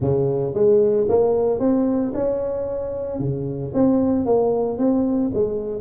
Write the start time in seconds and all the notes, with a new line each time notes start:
0.00 C#3
0.54 G#3
1.08 A#3
1.59 C4
2.14 C#4
3.19 C#3
3.74 C4
4.25 A#3
4.78 C4
5.33 G#3